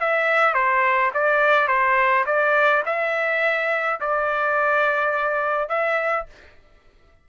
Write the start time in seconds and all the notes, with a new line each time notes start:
0.00 E5
0.54 C5
1.14 D5
1.68 C5
2.26 D5
2.86 E5
4.00 D5
5.69 E5